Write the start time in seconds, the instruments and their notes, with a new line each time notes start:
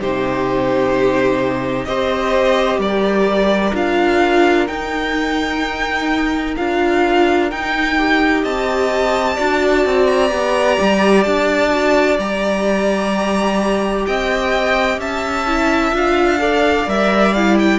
0.00 cello C3, viola D#4, violin G4 C5
1.85 cello C4, viola G4, violin C5 D#5
2.78 cello G3, violin A#4 D5
3.74 cello D4, viola F4, violin F5
4.67 viola D#4, cello D#4, violin G5
6.56 cello D4, viola F4, violin F5
7.50 viola D#4, cello D#4, violin G5
7.98 viola G4
8.42 cello C4, violin D#5 A5
9.36 cello D4, viola F#4, violin D5
9.85 cello C4
10.06 violin A#5
10.28 cello B3, viola G4
10.80 cello G3
11.23 cello D4, violin A5
11.70 viola F#4
12.19 cello G3, viola G4, violin A#5
14.06 cello C4, violin D#5 G5
14.98 cello C#4, violin E5 A5
15.47 viola E4
15.92 cello D4, viola F4, violin F5
16.38 viola A4, violin D5
16.87 cello G3, viola A#4, violin E5
17.33 viola E4, violin F5
17.58 violin G5